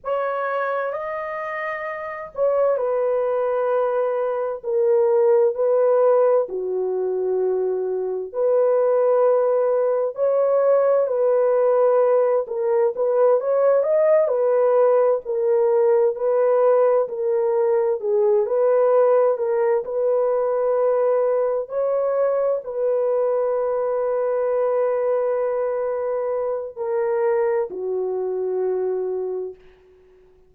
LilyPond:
\new Staff \with { instrumentName = "horn" } { \time 4/4 \tempo 4 = 65 cis''4 dis''4. cis''8 b'4~ | b'4 ais'4 b'4 fis'4~ | fis'4 b'2 cis''4 | b'4. ais'8 b'8 cis''8 dis''8 b'8~ |
b'8 ais'4 b'4 ais'4 gis'8 | b'4 ais'8 b'2 cis''8~ | cis''8 b'2.~ b'8~ | b'4 ais'4 fis'2 | }